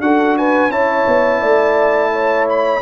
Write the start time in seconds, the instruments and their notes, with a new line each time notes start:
0.00 tuba D4, trombone F#4, horn A4, trumpet F#5
0.37 horn B4, trumpet G#5
0.69 tuba C#4, trombone E4, horn C#5, trumpet A5
1.07 tuba B3
1.40 tuba A3, horn D5
2.12 horn C#5
2.49 trumpet B5